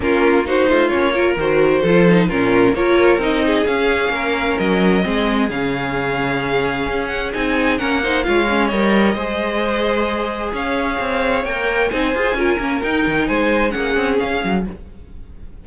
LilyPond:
<<
  \new Staff \with { instrumentName = "violin" } { \time 4/4 \tempo 4 = 131 ais'4 c''4 cis''4 c''4~ | c''4 ais'4 cis''4 dis''4 | f''2 dis''2 | f''2.~ f''8 fis''8 |
gis''4 fis''4 f''4 dis''4~ | dis''2. f''4~ | f''4 g''4 gis''2 | g''4 gis''4 fis''4 f''4 | }
  \new Staff \with { instrumentName = "violin" } { \time 4/4 f'4 fis'8 f'4 ais'4. | a'4 f'4 ais'4. gis'8~ | gis'4 ais'2 gis'4~ | gis'1~ |
gis'4 ais'8 c''8 cis''2 | c''2. cis''4~ | cis''2 c''4 ais'4~ | ais'4 c''4 gis'2 | }
  \new Staff \with { instrumentName = "viola" } { \time 4/4 cis'4 dis'4 cis'8 f'8 fis'4 | f'8 dis'8 cis'4 f'4 dis'4 | cis'2. c'4 | cis'1 |
dis'4 cis'8 dis'8 f'8 cis'8 ais'4 | gis'1~ | gis'4 ais'4 dis'8 gis'8 f'8 cis'8 | dis'2 cis'2 | }
  \new Staff \with { instrumentName = "cello" } { \time 4/4 ais4. a8 ais4 dis4 | f4 ais,4 ais4 c'4 | cis'4 ais4 fis4 gis4 | cis2. cis'4 |
c'4 ais4 gis4 g4 | gis2. cis'4 | c'4 ais4 c'8 f'8 cis'8 ais8 | dis'8 dis8 gis4 ais8 c'8 cis'8 fis8 | }
>>